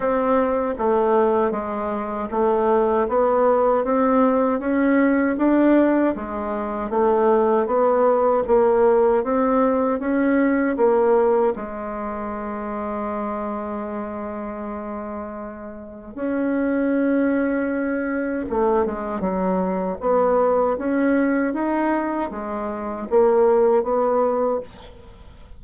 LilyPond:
\new Staff \with { instrumentName = "bassoon" } { \time 4/4 \tempo 4 = 78 c'4 a4 gis4 a4 | b4 c'4 cis'4 d'4 | gis4 a4 b4 ais4 | c'4 cis'4 ais4 gis4~ |
gis1~ | gis4 cis'2. | a8 gis8 fis4 b4 cis'4 | dis'4 gis4 ais4 b4 | }